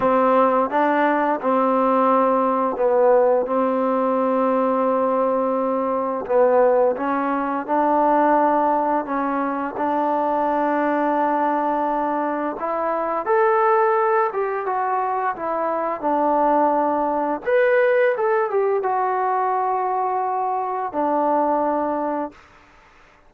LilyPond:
\new Staff \with { instrumentName = "trombone" } { \time 4/4 \tempo 4 = 86 c'4 d'4 c'2 | b4 c'2.~ | c'4 b4 cis'4 d'4~ | d'4 cis'4 d'2~ |
d'2 e'4 a'4~ | a'8 g'8 fis'4 e'4 d'4~ | d'4 b'4 a'8 g'8 fis'4~ | fis'2 d'2 | }